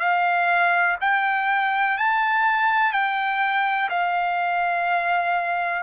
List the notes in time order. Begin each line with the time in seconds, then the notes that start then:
0.00 F5
1.01 G5
1.98 A5
2.93 G5
3.90 F5